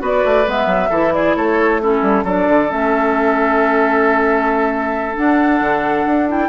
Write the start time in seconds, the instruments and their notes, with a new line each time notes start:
0.00 bassoon B3, clarinet F#4, oboe B4, flute D5
0.25 bassoon A3
0.45 bassoon G#3, clarinet B3, flute E5
0.66 bassoon F#3
0.90 bassoon E3, clarinet E4, oboe A4
1.14 oboe G#4, flute D5
1.36 bassoon A3, oboe A4, flute C#5
1.82 clarinet C#4, oboe E4, flute A4
2.03 bassoon G3
2.24 bassoon F#3, clarinet D4, oboe A4, flute D5
2.49 bassoon D3
2.69 bassoon A3, clarinet C#4, flute E5
5.15 clarinet D4, bassoon D4, flute F#5
5.61 bassoon D3
6.06 bassoon D4
6.28 clarinet E4, flute G5